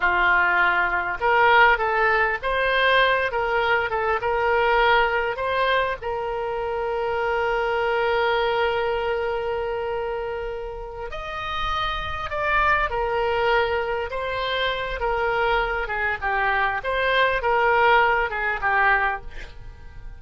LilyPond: \new Staff \with { instrumentName = "oboe" } { \time 4/4 \tempo 4 = 100 f'2 ais'4 a'4 | c''4. ais'4 a'8 ais'4~ | ais'4 c''4 ais'2~ | ais'1~ |
ais'2~ ais'8 dis''4.~ | dis''8 d''4 ais'2 c''8~ | c''4 ais'4. gis'8 g'4 | c''4 ais'4. gis'8 g'4 | }